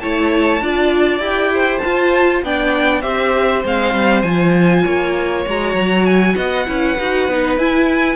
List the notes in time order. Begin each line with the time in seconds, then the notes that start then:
0.00 A3 E4 C#5 A5
0.61 D4 F4 D5
1.19 E4 G4 G5
1.53 C5
1.78 A5
1.84 F4
2.43 B3 D4 D5 G5
3.02 C4 G4 C5 E5
3.64 G#3 C4 F5
3.94 G3
4.22 F3 F4 G#5
4.83 A#3 C#5
5.46 G#3 F#4 A#5
5.74 F#3
6.06 G#5
6.35 B3 D#5 F#5
6.66 C#4 E4 B4
6.98 D#4 F#4
7.28 B3 D#4
7.57 E4 G#5